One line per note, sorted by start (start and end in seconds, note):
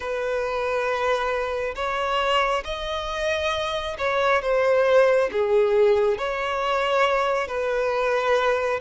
0.00 1.74 B4
1.75 2.63 C#5
2.64 3.96 D#5
3.98 4.42 C#5
4.42 5.30 C5
5.32 6.18 G#4
6.18 7.47 C#5
7.47 8.80 B4